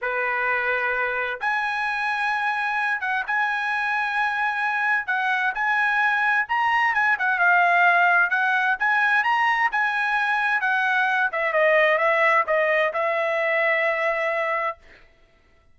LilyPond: \new Staff \with { instrumentName = "trumpet" } { \time 4/4 \tempo 4 = 130 b'2. gis''4~ | gis''2~ gis''8 fis''8 gis''4~ | gis''2. fis''4 | gis''2 ais''4 gis''8 fis''8 |
f''2 fis''4 gis''4 | ais''4 gis''2 fis''4~ | fis''8 e''8 dis''4 e''4 dis''4 | e''1 | }